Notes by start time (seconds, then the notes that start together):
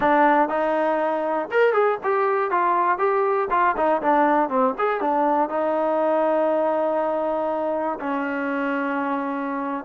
0.00 D4
0.48 D#4
1.51 A#4
1.73 G#4
2.03 G4
2.50 F4
2.98 G4
3.50 F4
3.76 D#4
4.02 D4
4.49 C4
4.78 G#4
5.00 D4
5.49 D#4
8.00 C#4